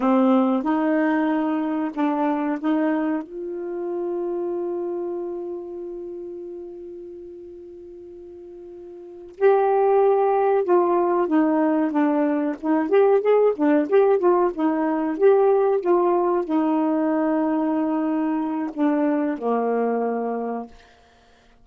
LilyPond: \new Staff \with { instrumentName = "saxophone" } { \time 4/4 \tempo 4 = 93 c'4 dis'2 d'4 | dis'4 f'2.~ | f'1~ | f'2~ f'8 g'4.~ |
g'8 f'4 dis'4 d'4 dis'8 | g'8 gis'8 d'8 g'8 f'8 dis'4 g'8~ | g'8 f'4 dis'2~ dis'8~ | dis'4 d'4 ais2 | }